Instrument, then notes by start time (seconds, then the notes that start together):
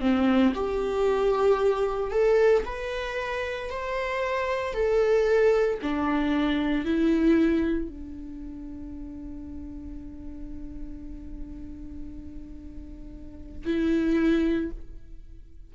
viola
0.00 C4
0.54 G4
2.11 A4
2.65 B4
3.70 C5
4.73 A4
5.82 D4
6.85 E4
7.89 D4
13.65 E4